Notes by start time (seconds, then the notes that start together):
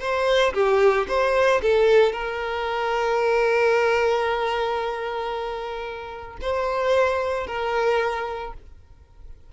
0.00 C5
0.54 G4
1.08 C5
1.62 A4
2.12 A#4
6.41 C5
7.47 A#4